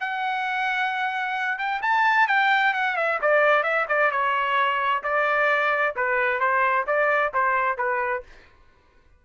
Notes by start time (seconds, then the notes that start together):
0.00 F#5
1.59 G5
1.82 A5
2.28 G5
2.74 F#5
2.97 E5
3.22 D5
3.63 E5
3.88 D5
4.11 C#5
5.03 D5
5.96 B4
6.40 C5
6.87 D5
7.34 C5
7.78 B4